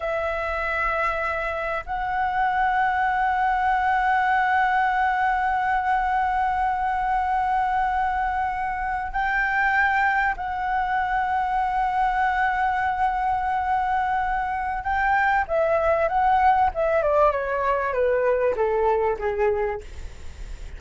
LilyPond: \new Staff \with { instrumentName = "flute" } { \time 4/4 \tempo 4 = 97 e''2. fis''4~ | fis''1~ | fis''1~ | fis''2~ fis''8. g''4~ g''16~ |
g''8. fis''2.~ fis''16~ | fis''1 | g''4 e''4 fis''4 e''8 d''8 | cis''4 b'4 a'4 gis'4 | }